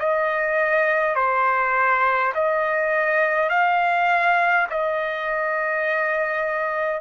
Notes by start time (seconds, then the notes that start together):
0.00 D#5
1.16 C5
2.35 D#5
3.50 F5
4.71 D#5